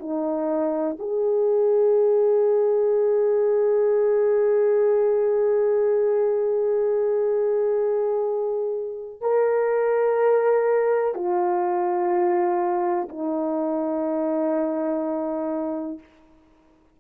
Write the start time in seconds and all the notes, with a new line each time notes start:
0.00 D#4
0.99 G#4
9.21 A#4
11.15 F4
13.09 D#4